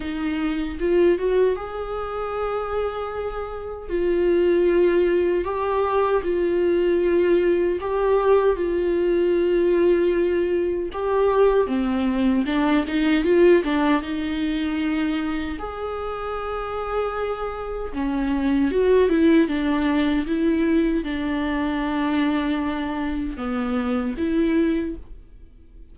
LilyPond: \new Staff \with { instrumentName = "viola" } { \time 4/4 \tempo 4 = 77 dis'4 f'8 fis'8 gis'2~ | gis'4 f'2 g'4 | f'2 g'4 f'4~ | f'2 g'4 c'4 |
d'8 dis'8 f'8 d'8 dis'2 | gis'2. cis'4 | fis'8 e'8 d'4 e'4 d'4~ | d'2 b4 e'4 | }